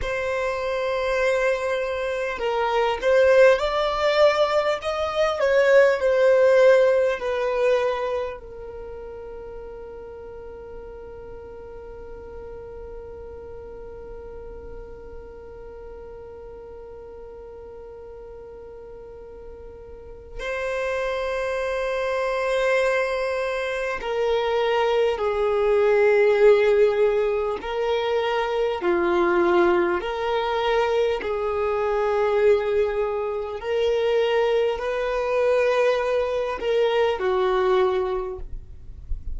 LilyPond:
\new Staff \with { instrumentName = "violin" } { \time 4/4 \tempo 4 = 50 c''2 ais'8 c''8 d''4 | dis''8 cis''8 c''4 b'4 ais'4~ | ais'1~ | ais'1~ |
ais'4 c''2. | ais'4 gis'2 ais'4 | f'4 ais'4 gis'2 | ais'4 b'4. ais'8 fis'4 | }